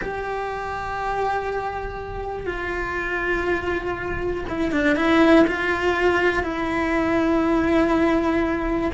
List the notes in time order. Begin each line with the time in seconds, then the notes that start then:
0.01 G4
2.46 F4
4.49 E4
4.71 D4
4.96 E4
5.47 F4
6.43 E4